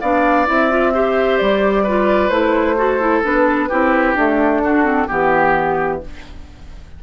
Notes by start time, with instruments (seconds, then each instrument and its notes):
0.00 bassoon B3, clarinet D4, oboe D5, flute F5
0.46 bassoon C4, clarinet E4, flute E5
0.69 clarinet F4
0.93 clarinet G4, oboe C5
1.37 bassoon G3, flute D5
1.83 clarinet F4, oboe B4
2.28 bassoon A3, clarinet E4, flute C5
2.77 clarinet F#4, oboe A4
2.99 clarinet E4
3.23 bassoon B3, clarinet D4, flute B4
3.68 bassoon C4, clarinet E4, oboe G4
4.13 clarinet A3, bassoon D4, flute A4
4.62 clarinet D4, oboe F#4
4.84 clarinet C4
5.07 bassoon E3, clarinet B3, oboe G4, flute G4